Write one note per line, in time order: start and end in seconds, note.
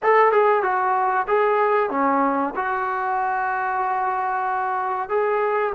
0.02 0.32 A4
0.32 0.62 G#4
0.62 1.26 F#4
1.27 1.90 G#4
1.90 2.54 C#4
2.55 5.09 F#4
5.09 5.73 G#4